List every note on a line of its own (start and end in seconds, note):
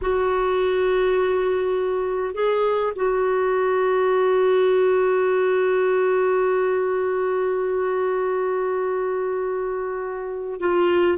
0.01 2.34 F#4
2.34 2.93 G#4
2.95 10.60 F#4
10.60 11.18 F4